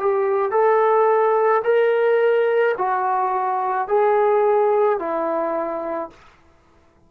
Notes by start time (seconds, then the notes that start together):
0.00 G4
0.52 A4
1.64 A#4
2.78 F#4
3.88 G#4
4.99 E4